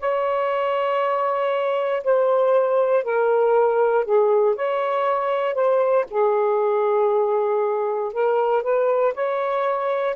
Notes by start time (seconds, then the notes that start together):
0.00 C#5
2.04 C5
3.05 A#4
4.05 G#4
4.56 C#5
5.55 C5
6.11 G#4
8.14 A#4
8.63 B4
9.15 C#5